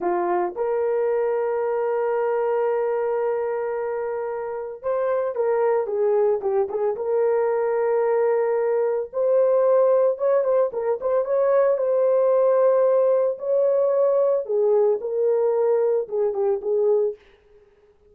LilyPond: \new Staff \with { instrumentName = "horn" } { \time 4/4 \tempo 4 = 112 f'4 ais'2.~ | ais'1~ | ais'4 c''4 ais'4 gis'4 | g'8 gis'8 ais'2.~ |
ais'4 c''2 cis''8 c''8 | ais'8 c''8 cis''4 c''2~ | c''4 cis''2 gis'4 | ais'2 gis'8 g'8 gis'4 | }